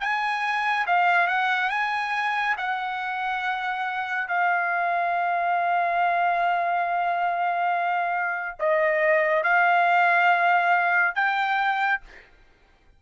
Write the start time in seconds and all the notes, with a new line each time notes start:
0.00 G#5
0.86 F5
1.27 F#5
1.69 G#5
2.57 F#5
4.28 F5
8.59 D#5
9.43 F5
11.15 G5